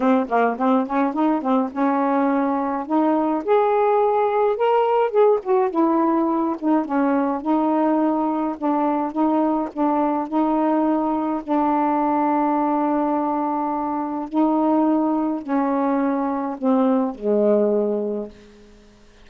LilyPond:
\new Staff \with { instrumentName = "saxophone" } { \time 4/4 \tempo 4 = 105 c'8 ais8 c'8 cis'8 dis'8 c'8 cis'4~ | cis'4 dis'4 gis'2 | ais'4 gis'8 fis'8 e'4. dis'8 | cis'4 dis'2 d'4 |
dis'4 d'4 dis'2 | d'1~ | d'4 dis'2 cis'4~ | cis'4 c'4 gis2 | }